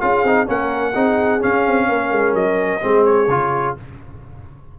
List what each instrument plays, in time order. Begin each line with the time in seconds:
0.00 tuba C#4, trombone F4, horn G#4, trumpet F5
0.24 tuba C4, trombone D#4
0.46 tuba A#3, trombone C#4, horn A#4, trumpet F#5
0.92 tuba C4, trombone D#4, horn G#4
1.40 trombone C#4, tuba C#4, trumpet F5
1.67 tuba C4
1.88 tuba A#3, horn A#4
2.11 tuba G#3
2.34 tuba F#3, trumpet D#5
2.81 tuba G#3, trombone C4, horn G#4
3.05 trumpet C#5
3.28 tuba C#3, trombone F4